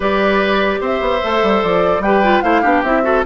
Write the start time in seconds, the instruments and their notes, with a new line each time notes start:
0.00 bassoon G3, clarinet G4, oboe B4, flute D5
0.80 bassoon C4, oboe C5, flute E5
1.00 bassoon B3
1.22 bassoon A3, clarinet A4
1.42 bassoon G3
1.63 bassoon F3, flute D5
1.99 bassoon G3, clarinet G4, oboe B4, flute G5
2.23 clarinet F4
2.41 bassoon A3, clarinet E4, oboe C5, flute F5
2.61 bassoon B3, clarinet D4, oboe G4
2.83 bassoon C4, clarinet E4, flute E5
3.03 clarinet F#4, oboe A4